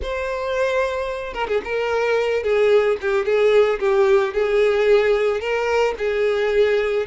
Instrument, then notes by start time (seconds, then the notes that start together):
violin
0.02 C5
1.33 A#4
1.48 G#4
1.64 A#4
2.43 G#4
3.01 G4
3.25 G#4
3.79 G4
4.33 G#4
5.40 A#4
5.98 G#4